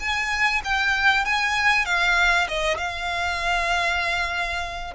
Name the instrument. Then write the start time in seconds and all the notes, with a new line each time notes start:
violin
0.00 G#5
0.64 G5
1.25 G#5
1.86 F5
2.48 D#5
2.78 F5